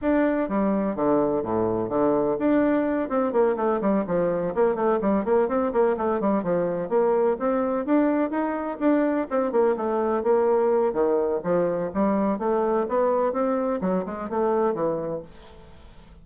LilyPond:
\new Staff \with { instrumentName = "bassoon" } { \time 4/4 \tempo 4 = 126 d'4 g4 d4 a,4 | d4 d'4. c'8 ais8 a8 | g8 f4 ais8 a8 g8 ais8 c'8 | ais8 a8 g8 f4 ais4 c'8~ |
c'8 d'4 dis'4 d'4 c'8 | ais8 a4 ais4. dis4 | f4 g4 a4 b4 | c'4 fis8 gis8 a4 e4 | }